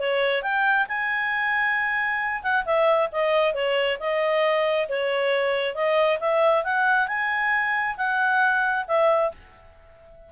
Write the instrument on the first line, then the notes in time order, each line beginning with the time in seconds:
clarinet
0.00 C#5
0.43 G5
0.88 G#5
2.43 F#5
2.65 E5
3.12 D#5
3.54 C#5
4.00 D#5
4.89 C#5
5.75 D#5
6.20 E5
6.65 F#5
7.08 G#5
7.98 F#5
8.88 E5